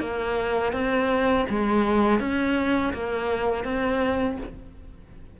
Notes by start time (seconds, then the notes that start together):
0.00 A#3
0.73 C4
1.49 G#3
2.20 C#4
2.93 A#3
3.64 C4